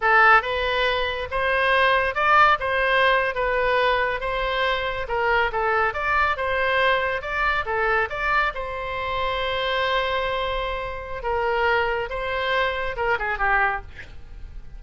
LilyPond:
\new Staff \with { instrumentName = "oboe" } { \time 4/4 \tempo 4 = 139 a'4 b'2 c''4~ | c''4 d''4 c''4.~ c''16 b'16~ | b'4.~ b'16 c''2 ais'16~ | ais'8. a'4 d''4 c''4~ c''16~ |
c''8. d''4 a'4 d''4 c''16~ | c''1~ | c''2 ais'2 | c''2 ais'8 gis'8 g'4 | }